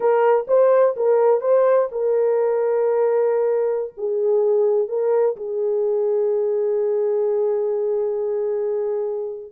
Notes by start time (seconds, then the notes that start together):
0.00 A#4
0.47 C5
0.96 A#4
1.40 C5
1.91 A#4
3.97 G#4
4.88 A#4
5.36 G#4